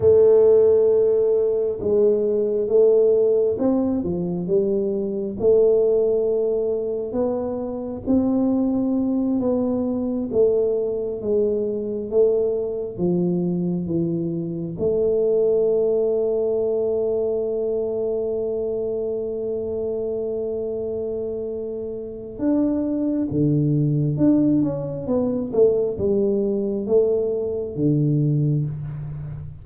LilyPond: \new Staff \with { instrumentName = "tuba" } { \time 4/4 \tempo 4 = 67 a2 gis4 a4 | c'8 f8 g4 a2 | b4 c'4. b4 a8~ | a8 gis4 a4 f4 e8~ |
e8 a2.~ a8~ | a1~ | a4 d'4 d4 d'8 cis'8 | b8 a8 g4 a4 d4 | }